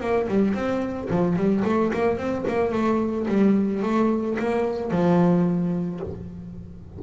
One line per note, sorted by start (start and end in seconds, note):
0.00 0.27 A#3
0.28 0.54 G3
0.54 1.08 C4
1.10 1.36 F3
1.36 1.63 G3
1.64 1.92 A3
1.93 2.17 A#3
2.17 2.45 C4
2.47 2.72 A#3
2.72 3.27 A3
3.28 3.82 G3
3.83 4.37 A3
4.39 4.91 A#3
4.91 6.00 F3